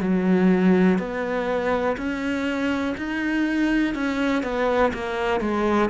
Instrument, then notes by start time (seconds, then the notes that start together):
cello
0.00 F#3
0.98 B3
1.97 C#4
2.97 D#4
3.94 C#4
4.43 B3
4.93 A#3
5.40 G#3